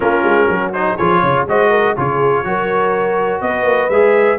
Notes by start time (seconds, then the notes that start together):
0.00 A#3 C#4 F4 A#4
0.23 G#3
0.46 F#3 F#4
0.73 D#4 C5
0.96 F3 F4 G#4 C#5
1.20 C#3 C#5
1.47 G#3 F#4 C5 D#5
1.70 A#4
1.96 C#3 F4 G#4 C#5
2.44 F#3 F#4 A#4
3.41 B3 B4 D#5
3.63 A#3
3.89 G#3 G#4 E5